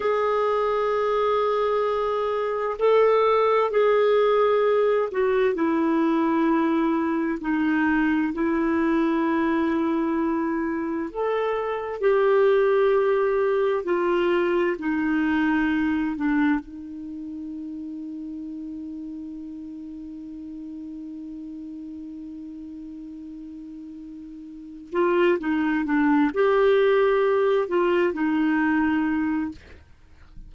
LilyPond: \new Staff \with { instrumentName = "clarinet" } { \time 4/4 \tempo 4 = 65 gis'2. a'4 | gis'4. fis'8 e'2 | dis'4 e'2. | a'4 g'2 f'4 |
dis'4. d'8 dis'2~ | dis'1~ | dis'2. f'8 dis'8 | d'8 g'4. f'8 dis'4. | }